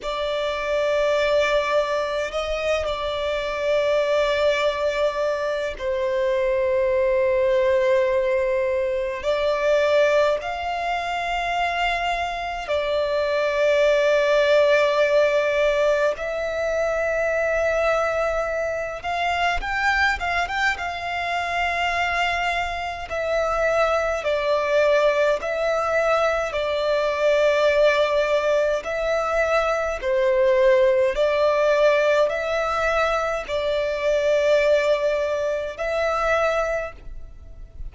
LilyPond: \new Staff \with { instrumentName = "violin" } { \time 4/4 \tempo 4 = 52 d''2 dis''8 d''4.~ | d''4 c''2. | d''4 f''2 d''4~ | d''2 e''2~ |
e''8 f''8 g''8 f''16 g''16 f''2 | e''4 d''4 e''4 d''4~ | d''4 e''4 c''4 d''4 | e''4 d''2 e''4 | }